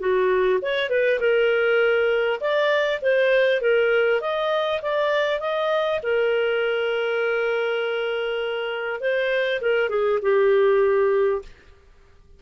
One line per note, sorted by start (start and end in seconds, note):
0.00 0.60 F#4
0.62 0.90 C#5
0.90 1.20 B4
1.20 2.40 A#4
2.41 3.01 D5
3.02 3.61 C5
3.61 4.21 A#4
4.21 4.81 D#5
4.82 5.40 D5
5.40 6.00 D#5
6.03 9.01 A#4
9.01 9.61 C5
9.61 9.89 A#4
9.89 10.19 G#4
10.22 11.42 G4